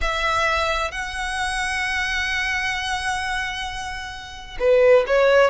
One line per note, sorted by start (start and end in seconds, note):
0.01 0.91 E5
0.91 4.57 F#5
4.59 5.05 B4
5.07 5.50 C#5